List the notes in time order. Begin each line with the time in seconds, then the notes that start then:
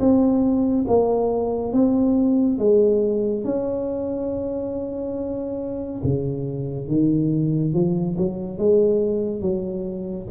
0.00 C4
0.88 A#3
1.73 C4
2.59 G#3
3.45 C#4
6.04 C#3
6.88 D#3
7.74 F3
8.18 F#3
8.58 G#3
9.42 F#3